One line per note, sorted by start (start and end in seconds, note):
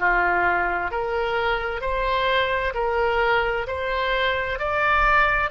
0.00 0.91 F4
0.91 1.82 A#4
1.82 2.74 C5
2.75 3.67 A#4
3.68 4.59 C5
4.59 5.51 D5